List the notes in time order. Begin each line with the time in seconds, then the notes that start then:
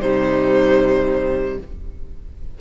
0.00 C3 G3 D#4 C5